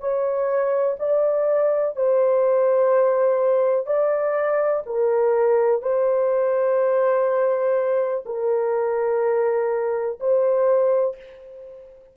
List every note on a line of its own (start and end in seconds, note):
0.00 0.97 C#5
0.99 1.96 D5
1.96 3.87 C5
3.87 4.83 D5
4.87 5.82 A#4
5.82 8.24 C5
8.26 10.19 A#4
10.20 11.17 C5